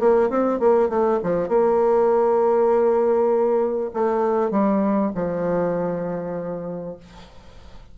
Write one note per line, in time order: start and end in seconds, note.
0.00 0.30 A#3
0.30 0.60 C4
0.60 0.90 A#3
0.90 1.20 A3
1.24 1.49 F3
1.49 3.91 A#3
3.94 4.51 A3
4.51 5.12 G3
5.15 6.97 F3